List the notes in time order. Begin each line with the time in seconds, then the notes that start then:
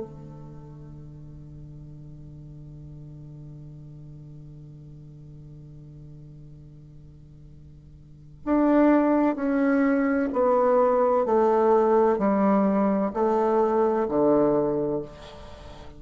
0.00 D3
8.46 D4
9.36 C#4
10.33 B3
11.26 A3
12.19 G3
13.14 A3
14.09 D3